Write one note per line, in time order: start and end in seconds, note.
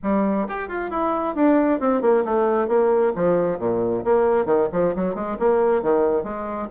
0.02 0.47 G3
0.48 0.68 G4
0.68 0.90 F4
0.90 1.35 E4
1.35 1.80 D4
1.80 2.01 C4
2.01 2.23 A#3
2.24 2.68 A3
2.68 3.12 A#3
3.15 3.58 F3
3.58 4.03 A#2
4.04 4.45 A#3
4.45 4.68 D#3
4.72 4.95 F3
4.95 5.15 F#3
5.15 5.37 G#3
5.39 5.82 A#3
5.82 6.23 D#3
6.23 6.68 G#3